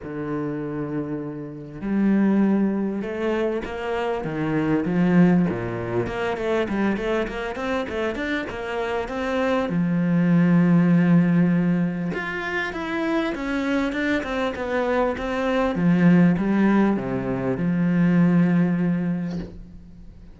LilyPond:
\new Staff \with { instrumentName = "cello" } { \time 4/4 \tempo 4 = 99 d2. g4~ | g4 a4 ais4 dis4 | f4 ais,4 ais8 a8 g8 a8 | ais8 c'8 a8 d'8 ais4 c'4 |
f1 | f'4 e'4 cis'4 d'8 c'8 | b4 c'4 f4 g4 | c4 f2. | }